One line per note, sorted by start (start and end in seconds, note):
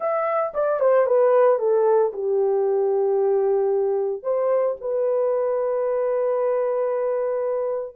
0.00 0.52 E5
0.54 0.80 D5
0.80 1.06 C5
1.06 1.59 B4
1.59 2.12 A4
2.12 4.22 G4
4.22 4.75 C5
4.81 7.96 B4